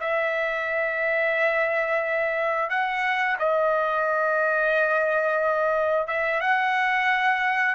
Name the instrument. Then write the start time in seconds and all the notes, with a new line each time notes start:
trumpet
0.00 E5
2.70 F#5
3.39 D#5
6.07 E5
6.41 F#5